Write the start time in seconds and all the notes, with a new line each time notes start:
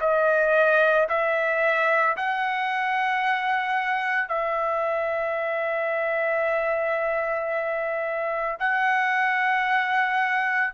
0.00 D#5
1.09 E5
2.16 F#5
4.28 E5
8.59 F#5